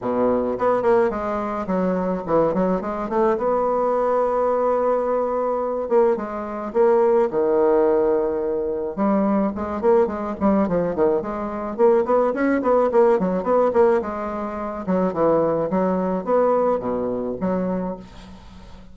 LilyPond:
\new Staff \with { instrumentName = "bassoon" } { \time 4/4 \tempo 4 = 107 b,4 b8 ais8 gis4 fis4 | e8 fis8 gis8 a8 b2~ | b2~ b8 ais8 gis4 | ais4 dis2. |
g4 gis8 ais8 gis8 g8 f8 dis8 | gis4 ais8 b8 cis'8 b8 ais8 fis8 | b8 ais8 gis4. fis8 e4 | fis4 b4 b,4 fis4 | }